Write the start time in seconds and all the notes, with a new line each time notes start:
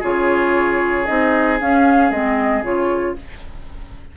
0.00 C#3 F4 G#4 C#5
1.06 C4 D#4 D#5
1.60 C#4 F5
2.11 G#3 C4 D#5
2.63 C#3 F4 C#5